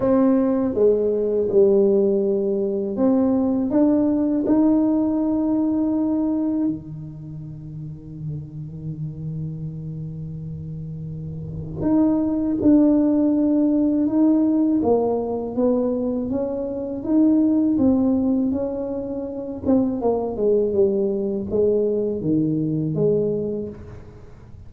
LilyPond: \new Staff \with { instrumentName = "tuba" } { \time 4/4 \tempo 4 = 81 c'4 gis4 g2 | c'4 d'4 dis'2~ | dis'4 dis2.~ | dis1 |
dis'4 d'2 dis'4 | ais4 b4 cis'4 dis'4 | c'4 cis'4. c'8 ais8 gis8 | g4 gis4 dis4 gis4 | }